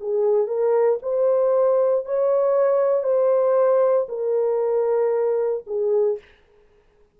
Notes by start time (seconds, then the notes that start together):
0.00 G#4
0.47 A#4
1.02 C5
2.05 C#5
3.04 C5
4.09 A#4
5.67 G#4